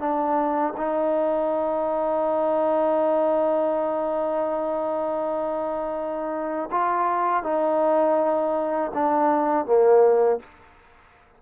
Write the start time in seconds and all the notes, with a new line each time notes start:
0.00 D4
0.77 D#4
6.71 F4
7.44 D#4
8.94 D4
9.66 A#3